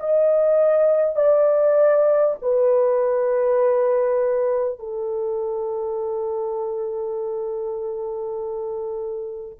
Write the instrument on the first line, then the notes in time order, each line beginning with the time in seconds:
horn
0.00 D#5
1.16 D5
2.42 B4
4.79 A4